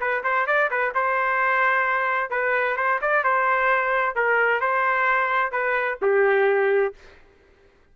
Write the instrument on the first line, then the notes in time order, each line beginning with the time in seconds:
trumpet
0.00 B4
0.23 C5
0.47 D5
0.70 B4
0.95 C5
2.30 B4
2.77 C5
3.01 D5
3.24 C5
4.15 A#4
4.61 C5
5.52 B4
6.02 G4